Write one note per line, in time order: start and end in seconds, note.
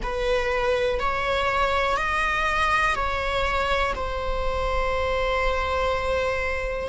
0.03 0.99 B4
0.99 1.97 C#5
1.97 2.95 D#5
2.95 3.93 C#5
3.95 6.88 C5